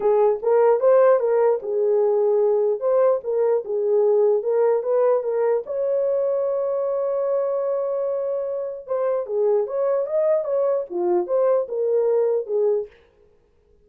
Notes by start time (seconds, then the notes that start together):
0.00 G#4
0.42 A#4
0.79 C5
1.19 A#4
1.62 G#4
2.79 C5
3.23 A#4
3.64 G#4
4.42 A#4
4.82 B4
5.23 A#4
5.66 C#5
8.87 C5
9.26 G#4
9.66 C#5
10.06 D#5
10.44 C#5
10.90 F4
11.27 C5
11.68 A#4
12.46 G#4